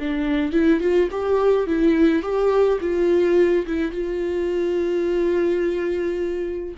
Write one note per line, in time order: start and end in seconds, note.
0.00 0.53 D4
0.53 0.81 E4
0.81 1.09 F4
1.11 1.67 G4
1.67 2.23 E4
2.23 2.79 G4
2.81 3.66 F4
3.67 3.92 E4
3.92 6.75 F4